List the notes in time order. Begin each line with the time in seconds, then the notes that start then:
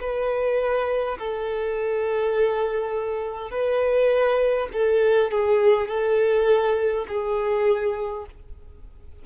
0.00 B4
1.18 A4
3.51 B4
4.73 A4
5.31 G#4
5.88 A4
7.08 G#4